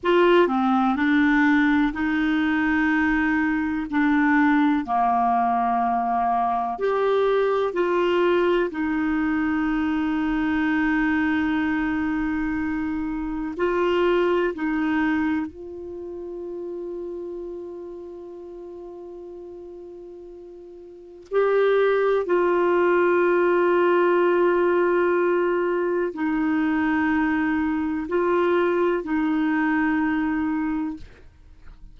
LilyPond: \new Staff \with { instrumentName = "clarinet" } { \time 4/4 \tempo 4 = 62 f'8 c'8 d'4 dis'2 | d'4 ais2 g'4 | f'4 dis'2.~ | dis'2 f'4 dis'4 |
f'1~ | f'2 g'4 f'4~ | f'2. dis'4~ | dis'4 f'4 dis'2 | }